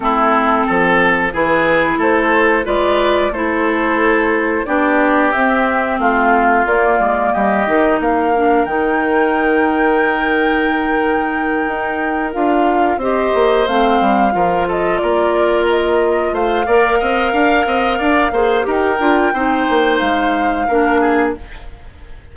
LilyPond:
<<
  \new Staff \with { instrumentName = "flute" } { \time 4/4 \tempo 4 = 90 a'2 b'4 c''4 | d''4 c''2 d''4 | e''4 f''4 d''4 dis''4 | f''4 g''2.~ |
g''2~ g''8 f''4 dis''8~ | dis''8 f''4. dis''8 d''4 dis''8~ | dis''8 f''2.~ f''8 | g''2 f''2 | }
  \new Staff \with { instrumentName = "oboe" } { \time 4/4 e'4 a'4 gis'4 a'4 | b'4 a'2 g'4~ | g'4 f'2 g'4 | ais'1~ |
ais'2.~ ais'8 c''8~ | c''4. ais'8 a'8 ais'4.~ | ais'8 c''8 d''8 dis''8 f''8 dis''8 d''8 c''8 | ais'4 c''2 ais'8 gis'8 | }
  \new Staff \with { instrumentName = "clarinet" } { \time 4/4 c'2 e'2 | f'4 e'2 d'4 | c'2 ais4. dis'8~ | dis'8 d'8 dis'2.~ |
dis'2~ dis'8 f'4 g'8~ | g'8 c'4 f'2~ f'8~ | f'4 ais'2~ ais'8 gis'8 | g'8 f'8 dis'2 d'4 | }
  \new Staff \with { instrumentName = "bassoon" } { \time 4/4 a4 f4 e4 a4 | gis4 a2 b4 | c'4 a4 ais8 gis8 g8 dis8 | ais4 dis2.~ |
dis4. dis'4 d'4 c'8 | ais8 a8 g8 f4 ais4.~ | ais8 a8 ais8 c'8 d'8 c'8 d'8 ais8 | dis'8 d'8 c'8 ais8 gis4 ais4 | }
>>